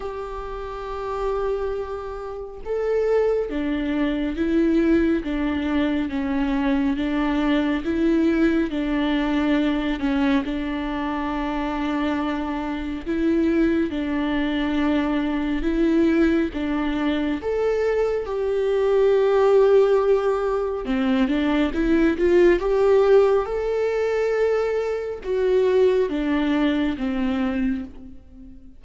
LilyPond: \new Staff \with { instrumentName = "viola" } { \time 4/4 \tempo 4 = 69 g'2. a'4 | d'4 e'4 d'4 cis'4 | d'4 e'4 d'4. cis'8 | d'2. e'4 |
d'2 e'4 d'4 | a'4 g'2. | c'8 d'8 e'8 f'8 g'4 a'4~ | a'4 fis'4 d'4 c'4 | }